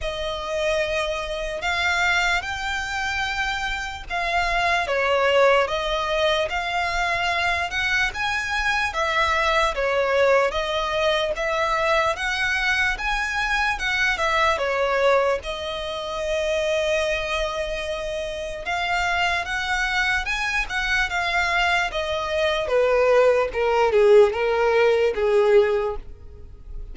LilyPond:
\new Staff \with { instrumentName = "violin" } { \time 4/4 \tempo 4 = 74 dis''2 f''4 g''4~ | g''4 f''4 cis''4 dis''4 | f''4. fis''8 gis''4 e''4 | cis''4 dis''4 e''4 fis''4 |
gis''4 fis''8 e''8 cis''4 dis''4~ | dis''2. f''4 | fis''4 gis''8 fis''8 f''4 dis''4 | b'4 ais'8 gis'8 ais'4 gis'4 | }